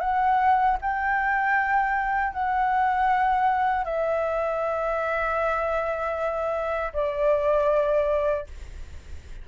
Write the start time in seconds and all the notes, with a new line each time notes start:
0.00 F#5
0.81 G5
2.33 F#5
3.84 E5
6.93 D5